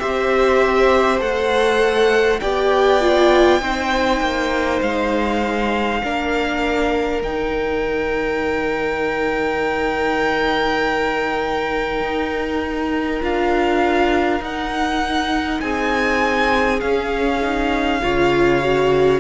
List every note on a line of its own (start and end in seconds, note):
0.00 1.21 C4
0.00 1.20 G4
0.00 2.41 C5
0.00 1.20 E5
1.20 2.41 A3
1.20 2.40 A4
1.20 2.40 F#5
2.40 3.62 B3
2.40 3.02 G4
2.40 3.61 D5
2.40 4.80 G5
3.02 3.61 F4
3.61 4.21 C4
3.61 6.01 D#4
3.61 6.02 C5
4.21 4.81 A#3
4.82 6.02 G#3
4.82 7.23 F5
6.04 7.22 A#3
6.04 7.24 D4
6.04 15.61 A#4
7.22 12.01 D#3
7.22 13.22 D#4
7.22 13.23 G5
12.01 13.21 D#4
13.22 14.40 D4
13.22 14.42 F4
13.22 14.44 F5
14.40 15.60 D#4
14.40 16.81 D#4
14.40 15.61 F#5
15.61 16.82 C4
15.61 18.01 G#4
15.61 16.80 G#5
16.80 17.41 C#4
16.80 18.02 C#4
16.80 19.20 F5
17.42 18.02 D#4
18.03 19.20 C#3
18.03 18.63 F4
18.03 19.20 C#5
18.63 19.20 F#4